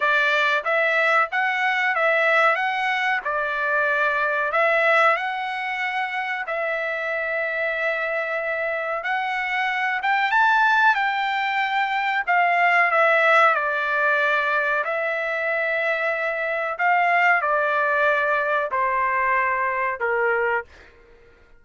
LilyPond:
\new Staff \with { instrumentName = "trumpet" } { \time 4/4 \tempo 4 = 93 d''4 e''4 fis''4 e''4 | fis''4 d''2 e''4 | fis''2 e''2~ | e''2 fis''4. g''8 |
a''4 g''2 f''4 | e''4 d''2 e''4~ | e''2 f''4 d''4~ | d''4 c''2 ais'4 | }